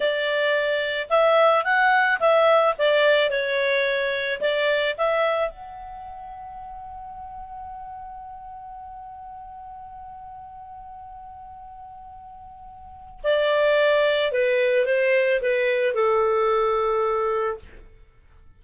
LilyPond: \new Staff \with { instrumentName = "clarinet" } { \time 4/4 \tempo 4 = 109 d''2 e''4 fis''4 | e''4 d''4 cis''2 | d''4 e''4 fis''2~ | fis''1~ |
fis''1~ | fis''1 | d''2 b'4 c''4 | b'4 a'2. | }